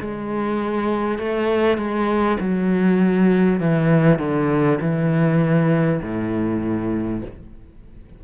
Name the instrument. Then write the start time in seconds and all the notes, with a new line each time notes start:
cello
0.00 G#3
1.18 A3
1.77 G#3
2.40 F#3
3.60 E3
4.18 D3
4.81 E3
6.01 A2